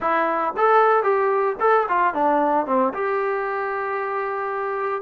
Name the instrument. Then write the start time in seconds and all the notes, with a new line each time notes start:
trombone
0.00 E4
0.56 A4
1.03 G4
1.60 A4
1.88 F4
2.14 D4
2.66 C4
2.93 G4